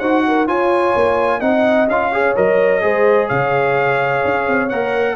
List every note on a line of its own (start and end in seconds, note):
0.00 0.48 D#4
0.00 0.48 F#4
0.00 0.23 C5
0.00 0.47 F#5
0.28 0.48 A#4
0.48 1.41 F4
0.48 0.95 F4
0.48 1.40 C#5
0.48 1.41 G#5
0.96 1.41 A#3
1.40 1.88 C4
1.40 1.88 D#4
1.40 2.10 D#5
1.40 1.88 F#5
1.88 2.35 C#4
1.88 2.13 F4
1.88 2.37 F5
2.13 2.36 G#4
2.13 2.83 C#5
2.37 2.84 F#3
2.37 2.82 A#4
2.37 3.29 D#5
2.82 3.30 G#3
2.82 4.69 G#4
2.82 3.28 C5
3.28 4.25 C#3
3.28 5.15 C#5
3.28 4.70 F5
4.25 4.48 C#4
4.48 4.72 C4
4.70 5.17 A#3
4.70 5.17 A#4
4.70 5.16 F#5